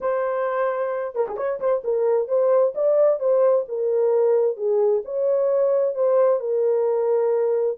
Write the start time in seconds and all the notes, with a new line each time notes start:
0.00 C5
1.15 A#4
1.27 G#4
1.36 C#5
1.59 C5
1.83 A#4
2.28 C5
2.74 D5
3.19 C5
3.68 A#4
4.56 G#4
5.04 C#5
5.94 C5
6.40 A#4